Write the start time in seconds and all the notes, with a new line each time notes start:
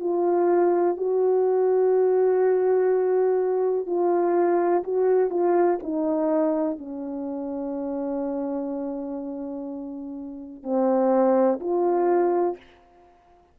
0.00 F4
0.97 F#4
3.86 F4
4.83 F#4
5.30 F4
5.83 D#4
6.78 C#4
10.63 C4
11.60 F4